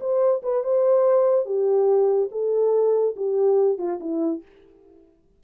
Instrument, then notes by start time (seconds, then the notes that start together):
horn
0.00 C5
0.43 B4
0.64 C5
1.45 G4
2.32 A4
3.16 G4
3.78 F4
4.00 E4